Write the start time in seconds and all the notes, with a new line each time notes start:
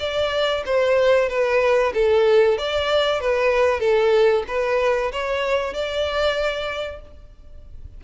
0.00 D5
0.66 C5
1.29 B4
1.94 A4
2.58 D5
3.21 B4
3.80 A4
4.48 B4
5.12 C#5
5.74 D5